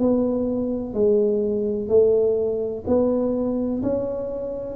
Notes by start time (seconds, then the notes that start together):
0.00 B3
0.94 G#3
1.89 A3
2.87 B3
3.83 C#4